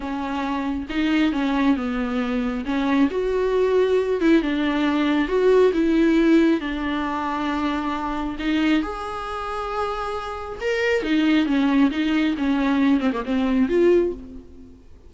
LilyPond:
\new Staff \with { instrumentName = "viola" } { \time 4/4 \tempo 4 = 136 cis'2 dis'4 cis'4 | b2 cis'4 fis'4~ | fis'4. e'8 d'2 | fis'4 e'2 d'4~ |
d'2. dis'4 | gis'1 | ais'4 dis'4 cis'4 dis'4 | cis'4. c'16 ais16 c'4 f'4 | }